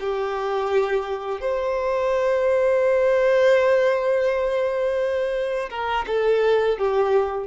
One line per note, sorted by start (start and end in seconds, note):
0.00 1.41 G4
1.41 5.69 C5
5.70 6.06 A#4
6.07 6.79 A4
6.79 7.47 G4